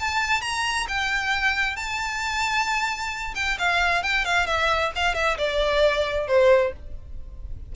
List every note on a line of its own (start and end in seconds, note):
0.00 0.42 A5
0.42 0.87 A#5
0.88 1.76 G5
1.76 3.34 A5
3.35 3.58 G5
3.59 4.03 F5
4.03 4.25 G5
4.25 4.47 F5
4.47 4.92 E5
4.96 5.15 F5
5.15 5.37 E5
5.38 6.28 D5
6.28 6.73 C5